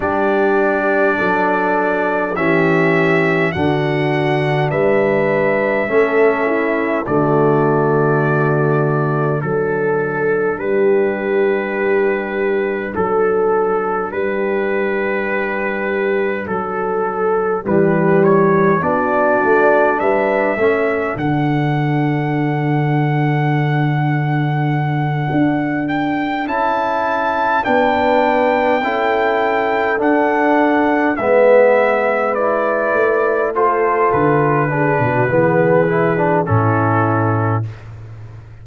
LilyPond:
<<
  \new Staff \with { instrumentName = "trumpet" } { \time 4/4 \tempo 4 = 51 d''2 e''4 fis''4 | e''2 d''2 | a'4 b'2 a'4 | b'2 a'4 b'8 cis''8 |
d''4 e''4 fis''2~ | fis''2 g''8 a''4 g''8~ | g''4. fis''4 e''4 d''8~ | d''8 c''8 b'2 a'4 | }
  \new Staff \with { instrumentName = "horn" } { \time 4/4 g'4 a'4 g'4 fis'4 | b'4 a'8 e'8 fis'2 | a'4 g'2 a'4 | g'2 a'4 g'4 |
fis'4 b'8 a'2~ a'8~ | a'2.~ a'8 b'8~ | b'8 a'2 b'4.~ | b'8 a'4 gis'16 fis'16 gis'4 e'4 | }
  \new Staff \with { instrumentName = "trombone" } { \time 4/4 d'2 cis'4 d'4~ | d'4 cis'4 a2 | d'1~ | d'2. g4 |
d'4. cis'8 d'2~ | d'2~ d'8 e'4 d'8~ | d'8 e'4 d'4 b4 e'8~ | e'8 f'4 d'8 b8 e'16 d'16 cis'4 | }
  \new Staff \with { instrumentName = "tuba" } { \time 4/4 g4 fis4 e4 d4 | g4 a4 d2 | fis4 g2 fis4 | g2 fis4 e4 |
b8 a8 g8 a8 d2~ | d4. d'4 cis'4 b8~ | b8 cis'4 d'4 gis4. | a4 d8. b,16 e4 a,4 | }
>>